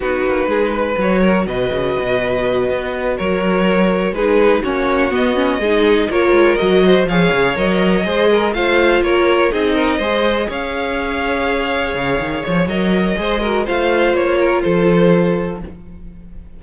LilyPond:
<<
  \new Staff \with { instrumentName = "violin" } { \time 4/4 \tempo 4 = 123 b'2 cis''4 dis''4~ | dis''2~ dis''8 cis''4.~ | cis''8 b'4 cis''4 dis''4.~ | dis''8 cis''4 dis''4 f''4 dis''8~ |
dis''4. f''4 cis''4 dis''8~ | dis''4. f''2~ f''8~ | f''4. cis''8 dis''2 | f''4 cis''4 c''2 | }
  \new Staff \with { instrumentName = "violin" } { \time 4/4 fis'4 gis'8 b'4 ais'8 b'4~ | b'2~ b'8 ais'4.~ | ais'8 gis'4 fis'2 gis'8~ | gis'8 ais'4. c''8 cis''4.~ |
cis''8 c''8 ais'8 c''4 ais'4 gis'8 | ais'8 c''4 cis''2~ cis''8~ | cis''2. c''8 ais'8 | c''4. ais'8 a'2 | }
  \new Staff \with { instrumentName = "viola" } { \time 4/4 dis'2 fis'2~ | fis'1~ | fis'8 dis'4 cis'4 b8 cis'8 dis'8~ | dis'8 f'4 fis'4 gis'4 ais'8~ |
ais'8 gis'4 f'2 dis'8~ | dis'8 gis'2.~ gis'8~ | gis'2 ais'4 gis'8 fis'8 | f'1 | }
  \new Staff \with { instrumentName = "cello" } { \time 4/4 b8 ais8 gis4 fis4 b,8 cis8 | b,4. b4 fis4.~ | fis8 gis4 ais4 b4 gis8~ | gis8 ais8 gis8 fis4 f8 cis8 fis8~ |
fis8 gis4 a4 ais4 c'8~ | c'8 gis4 cis'2~ cis'8~ | cis'8 cis8 dis8 f8 fis4 gis4 | a4 ais4 f2 | }
>>